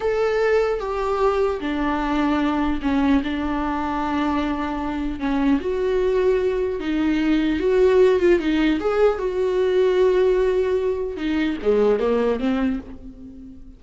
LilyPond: \new Staff \with { instrumentName = "viola" } { \time 4/4 \tempo 4 = 150 a'2 g'2 | d'2. cis'4 | d'1~ | d'4 cis'4 fis'2~ |
fis'4 dis'2 fis'4~ | fis'8 f'8 dis'4 gis'4 fis'4~ | fis'1 | dis'4 gis4 ais4 c'4 | }